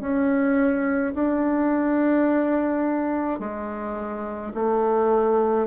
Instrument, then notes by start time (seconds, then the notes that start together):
bassoon
0.00 C#4
1.14 D4
3.39 G#3
4.54 A3